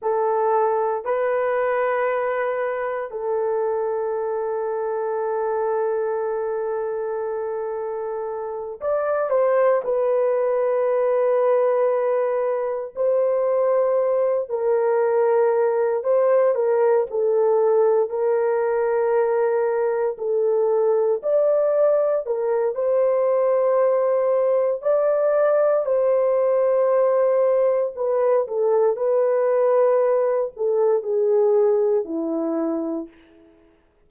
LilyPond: \new Staff \with { instrumentName = "horn" } { \time 4/4 \tempo 4 = 58 a'4 b'2 a'4~ | a'1~ | a'8 d''8 c''8 b'2~ b'8~ | b'8 c''4. ais'4. c''8 |
ais'8 a'4 ais'2 a'8~ | a'8 d''4 ais'8 c''2 | d''4 c''2 b'8 a'8 | b'4. a'8 gis'4 e'4 | }